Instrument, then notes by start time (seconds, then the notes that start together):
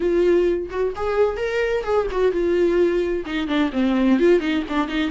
viola
0.00 F4
0.70 F#4
0.95 G#4
1.37 A#4
1.83 G#4
2.11 F#4
2.32 F4
3.25 D#4
3.47 D4
3.72 C4
4.19 F4
4.40 D#4
4.68 D4
4.87 D#4